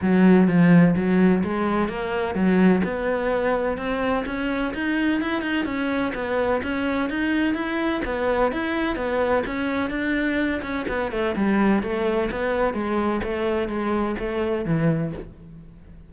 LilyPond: \new Staff \with { instrumentName = "cello" } { \time 4/4 \tempo 4 = 127 fis4 f4 fis4 gis4 | ais4 fis4 b2 | c'4 cis'4 dis'4 e'8 dis'8 | cis'4 b4 cis'4 dis'4 |
e'4 b4 e'4 b4 | cis'4 d'4. cis'8 b8 a8 | g4 a4 b4 gis4 | a4 gis4 a4 e4 | }